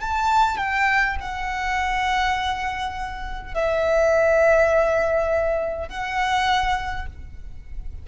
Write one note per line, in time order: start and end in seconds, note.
0.00 0.57 A5
0.57 1.16 G5
1.20 3.54 F#5
3.54 5.88 E5
5.88 7.06 F#5